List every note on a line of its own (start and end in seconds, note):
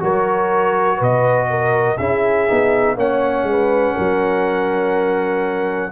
0.00 1.01 F#3
0.00 1.97 F#4
0.00 0.97 A#4
0.00 1.03 C#5
0.97 2.00 B2
0.97 1.47 B4
0.97 1.98 D#5
1.50 1.98 A#4
1.98 2.49 C#4
1.98 2.48 E4
1.98 2.96 G#4
1.98 2.96 E5
2.48 2.97 B3
2.48 2.97 D#4
2.97 3.44 A#3
2.97 5.92 C#4
2.97 3.47 C#5
2.97 5.92 F#5
3.44 3.93 G#3
3.51 3.94 B4
3.94 5.92 F#3
3.94 5.91 A#4